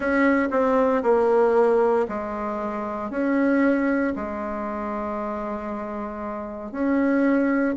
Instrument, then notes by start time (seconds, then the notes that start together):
bassoon
0.00 C#4
0.50 C4
1.03 A#3
2.08 G#3
3.10 C#4
4.15 G#3
6.71 C#4